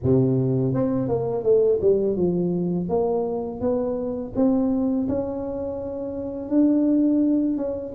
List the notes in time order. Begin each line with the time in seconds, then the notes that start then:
0.03 C3
0.74 C4
1.08 A#3
1.43 A3
1.81 G3
2.16 F3
2.88 A#3
3.60 B3
4.35 C4
5.08 C#4
6.48 D4
7.57 C#4